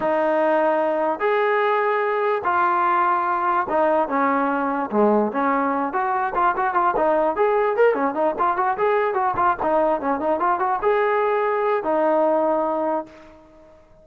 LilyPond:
\new Staff \with { instrumentName = "trombone" } { \time 4/4 \tempo 4 = 147 dis'2. gis'4~ | gis'2 f'2~ | f'4 dis'4 cis'2 | gis4 cis'4. fis'4 f'8 |
fis'8 f'8 dis'4 gis'4 ais'8 cis'8 | dis'8 f'8 fis'8 gis'4 fis'8 f'8 dis'8~ | dis'8 cis'8 dis'8 f'8 fis'8 gis'4.~ | gis'4 dis'2. | }